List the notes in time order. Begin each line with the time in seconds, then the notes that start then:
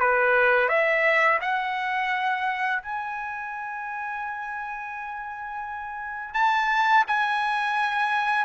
0.00 B4
0.69 E5
1.41 F#5
2.82 G#5
6.34 A5
7.07 G#5